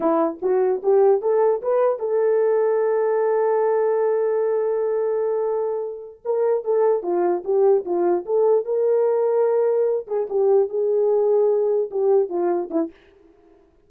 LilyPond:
\new Staff \with { instrumentName = "horn" } { \time 4/4 \tempo 4 = 149 e'4 fis'4 g'4 a'4 | b'4 a'2.~ | a'1~ | a'2.~ a'8 ais'8~ |
ais'8 a'4 f'4 g'4 f'8~ | f'8 a'4 ais'2~ ais'8~ | ais'4 gis'8 g'4 gis'4.~ | gis'4. g'4 f'4 e'8 | }